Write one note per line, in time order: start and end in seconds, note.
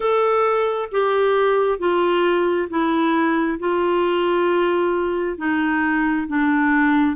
0.00 0.89 A4
0.91 1.79 G4
1.79 2.68 F4
2.69 3.59 E4
3.59 5.37 F4
5.37 6.27 D#4
6.27 7.16 D4